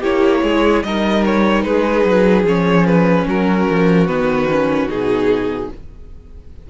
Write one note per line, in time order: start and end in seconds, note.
0.00 0.42 A#3
0.00 0.84 E4
0.00 0.41 G4
0.00 0.83 C#5
0.42 0.83 G#3
0.42 0.83 G#4
0.83 1.64 G3
0.83 2.45 D#4
0.83 1.66 A#4
0.83 1.23 D#5
1.25 1.62 C#5
1.62 2.04 G#3
1.62 3.26 G#4
1.62 2.44 B4
2.04 2.43 F#3
2.43 3.24 F3
2.43 4.08 C#4
2.43 2.86 C#5
2.86 3.26 B4
3.26 3.67 F#3
3.26 5.69 F#4
3.26 4.07 A#4
3.70 4.09 F3
4.07 4.87 D#3
4.07 4.48 B3
4.07 4.88 B4
4.51 4.89 C#4
4.87 5.68 B2
4.87 5.70 D#4
4.87 5.70 G#4